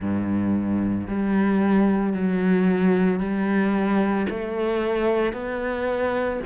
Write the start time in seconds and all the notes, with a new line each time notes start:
0.00 G2
1.07 G3
2.13 F#3
3.19 G3
4.29 A3
5.33 B3